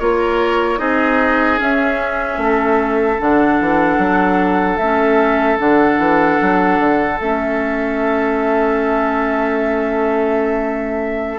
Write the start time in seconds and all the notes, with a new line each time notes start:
0.00 A#3 F4 A#4 C#5
0.78 C4 D#4 G#4 D#5
1.58 C#4 E5
2.38 A3 A4
3.19 D3 D4 F#5
3.61 E3
3.98 F#3
4.77 A3 E5
4.83 C#4
5.59 D3 D4 F#5
5.99 E3
6.42 F#3
6.80 D3
7.21 A3 C#4 E5